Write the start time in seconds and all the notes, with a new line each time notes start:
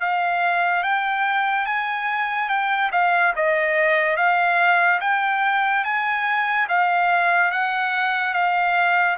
0.00 F5
0.83 G5
1.66 G#5
2.49 G5
2.92 F5
3.36 D#5
4.17 F5
5.01 G5
5.84 G#5
6.69 F5
7.52 F#5
8.34 F5